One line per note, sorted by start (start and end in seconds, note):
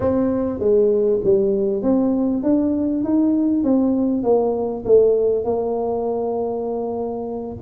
0.00 0.59 C4
0.59 1.20 G#3
1.23 1.82 G3
1.82 2.43 C4
2.43 3.04 D4
3.04 3.63 D#4
3.63 4.23 C4
4.23 4.83 A#3
4.85 5.44 A3
5.44 7.56 A#3